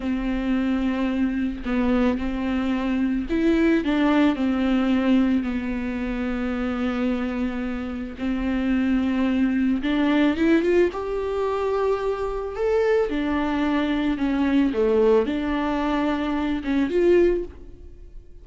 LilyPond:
\new Staff \with { instrumentName = "viola" } { \time 4/4 \tempo 4 = 110 c'2. b4 | c'2 e'4 d'4 | c'2 b2~ | b2. c'4~ |
c'2 d'4 e'8 f'8 | g'2. a'4 | d'2 cis'4 a4 | d'2~ d'8 cis'8 f'4 | }